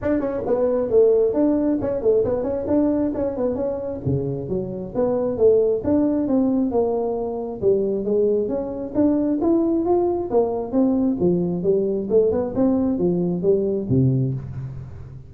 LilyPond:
\new Staff \with { instrumentName = "tuba" } { \time 4/4 \tempo 4 = 134 d'8 cis'8 b4 a4 d'4 | cis'8 a8 b8 cis'8 d'4 cis'8 b8 | cis'4 cis4 fis4 b4 | a4 d'4 c'4 ais4~ |
ais4 g4 gis4 cis'4 | d'4 e'4 f'4 ais4 | c'4 f4 g4 a8 b8 | c'4 f4 g4 c4 | }